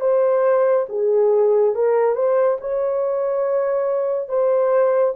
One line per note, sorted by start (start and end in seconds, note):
0.00 0.86 C5
0.89 1.75 G#4
1.75 2.14 A#4
2.14 2.57 C5
2.60 4.28 C#5
4.28 5.14 C5